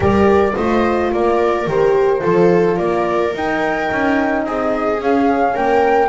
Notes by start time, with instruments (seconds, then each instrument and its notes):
0.00 double bass G3, horn G4, viola A#4, flute D5
0.55 double bass A3, horn F4, viola C5, flute D#5
1.11 double bass A#3, viola A#4, flute D5
1.66 double bass D#3, horn G4, flute C5
2.20 double bass F3, horn F4, viola A4
2.76 double bass A#3, viola A#4, flute D5
3.33 horn D#4, double bass D#4, flute G5
3.92 double bass C#4
4.44 double bass C4, viola G#4, flute D#5
5.00 double bass C#4, horn C#4, flute F5
5.54 double bass A#3, viola A#4, flute G5